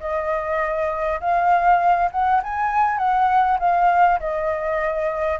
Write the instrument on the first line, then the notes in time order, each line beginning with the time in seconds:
flute
0.00 D#5
1.20 F5
2.12 F#5
2.43 G#5
2.98 F#5
3.59 F5
4.19 D#5